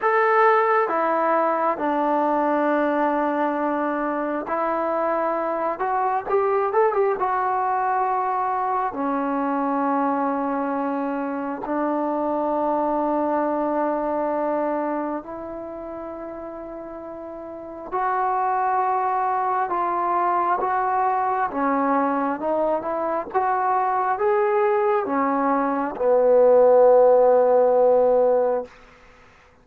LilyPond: \new Staff \with { instrumentName = "trombone" } { \time 4/4 \tempo 4 = 67 a'4 e'4 d'2~ | d'4 e'4. fis'8 g'8 a'16 g'16 | fis'2 cis'2~ | cis'4 d'2.~ |
d'4 e'2. | fis'2 f'4 fis'4 | cis'4 dis'8 e'8 fis'4 gis'4 | cis'4 b2. | }